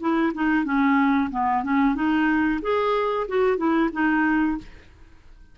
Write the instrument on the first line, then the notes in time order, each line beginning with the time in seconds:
clarinet
0.00 E4
0.34 D#4
0.65 C#4
1.30 B3
1.63 C#4
1.95 D#4
2.62 G#4
3.28 F#4
3.57 E4
3.93 D#4